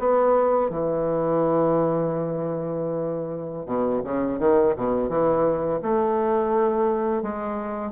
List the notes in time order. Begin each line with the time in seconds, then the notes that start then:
0.00 B3
0.70 E3
3.66 B2
4.04 C#3
4.40 D#3
4.76 B2
5.10 E3
5.83 A3
7.23 G#3